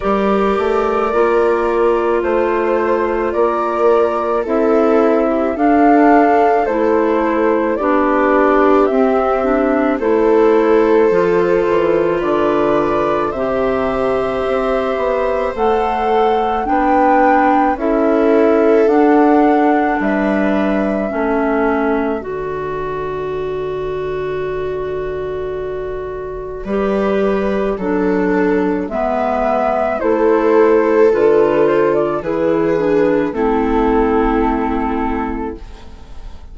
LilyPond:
<<
  \new Staff \with { instrumentName = "flute" } { \time 4/4 \tempo 4 = 54 d''2 c''4 d''4 | e''4 f''4 c''4 d''4 | e''4 c''2 d''4 | e''2 fis''4 g''4 |
e''4 fis''4 e''2 | d''1~ | d''2 e''4 c''4 | b'8 c''16 d''16 b'4 a'2 | }
  \new Staff \with { instrumentName = "viola" } { \time 4/4 ais'2 c''4 ais'4 | a'8. g'16 a'2 g'4~ | g'4 a'2 b'4 | c''2. b'4 |
a'2 b'4 a'4~ | a'1 | b'4 a'4 b'4 a'4~ | a'4 gis'4 e'2 | }
  \new Staff \with { instrumentName = "clarinet" } { \time 4/4 g'4 f'2. | e'4 d'4 e'4 d'4 | c'8 d'8 e'4 f'2 | g'2 a'4 d'4 |
e'4 d'2 cis'4 | fis'1 | g'4 d'4 b4 e'4 | f'4 e'8 d'8 c'2 | }
  \new Staff \with { instrumentName = "bassoon" } { \time 4/4 g8 a8 ais4 a4 ais4 | c'4 d'4 a4 b4 | c'4 a4 f8 e8 d4 | c4 c'8 b8 a4 b4 |
cis'4 d'4 g4 a4 | d1 | g4 fis4 gis4 a4 | d4 e4 a2 | }
>>